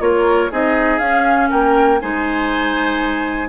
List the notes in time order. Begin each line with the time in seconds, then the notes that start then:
0.00 A#3 F4 A#4 C#5
0.51 C4 D#4 G#4 D#5
0.99 C#4 F5
1.49 A#3 A#4 G5
2.00 G#3 D#4 C5 G#5